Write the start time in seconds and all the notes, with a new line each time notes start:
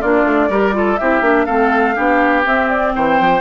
0.00 A#3 D4 F4 D5
0.24 A3
0.49 G3 G4 A#4
0.73 F4 A4
0.97 C4 E4 G4 E5
1.21 A#3 D4
1.45 A3 C4 A4 F5
1.95 B3 D4 G4
2.44 C4 E5
2.70 D5
2.95 E3 C5 G5
3.20 F3